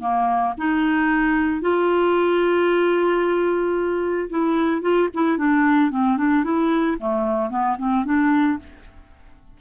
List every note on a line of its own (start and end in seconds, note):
0.00 0.54 A#3
0.57 1.61 D#4
1.61 4.29 F4
4.30 4.81 E4
4.81 5.08 F4
5.14 5.37 E4
5.37 5.91 D4
5.91 6.17 C4
6.17 6.44 D4
6.44 6.97 E4
6.98 7.50 A3
7.50 7.77 B3
7.78 8.05 C4
8.05 8.58 D4